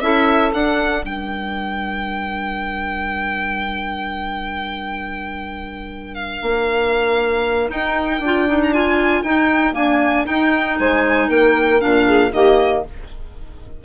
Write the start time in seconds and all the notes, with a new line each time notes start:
0.00 C#4 E4 A4 E5
0.51 D4 F#5
1.02 G3 A#4 G5
6.14 F5
6.42 A#3
7.68 D#4 G5
8.19 D4 F4
8.48 D#4
8.62 A#5
8.72 F4 G#5
9.22 D#4 G5
9.72 A#3 D4 G#5
10.24 D#4 G5
10.79 G#3 C5 G#5
11.28 A#3 A#4 G5
11.79 A#2 D4 F5
12.07 G#4
12.32 D#3 A#3 G4 D#5